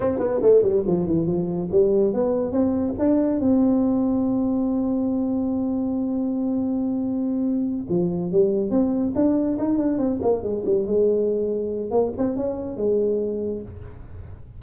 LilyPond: \new Staff \with { instrumentName = "tuba" } { \time 4/4 \tempo 4 = 141 c'8 b8 a8 g8 f8 e8 f4 | g4 b4 c'4 d'4 | c'1~ | c'1~ |
c'2~ c'8 f4 g8~ | g8 c'4 d'4 dis'8 d'8 c'8 | ais8 gis8 g8 gis2~ gis8 | ais8 c'8 cis'4 gis2 | }